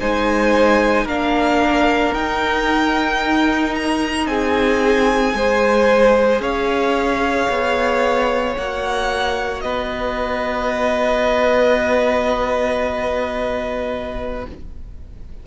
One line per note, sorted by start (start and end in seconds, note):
0.00 1.05 G#3
0.00 1.08 D#4
0.00 1.05 C5
0.00 1.08 G#5
1.05 2.12 A#3
1.05 2.14 D4
1.05 4.26 A#4
1.05 2.14 F5
2.14 4.27 D#4
2.14 5.36 D#4
2.14 3.75 G5
3.75 4.27 A#5
4.27 5.34 C4
4.27 5.37 G#4
4.27 6.41 G#5
5.34 6.40 G#3
5.34 8.57 G#4
5.34 6.42 C5
6.40 7.47 C#4
6.40 9.64 C#5
6.40 8.56 F5
7.49 8.56 B3
8.56 9.64 A#3
8.56 14.47 F#4
8.56 9.61 F#5
9.61 14.46 B3
9.61 14.47 B4
9.61 14.43 D#5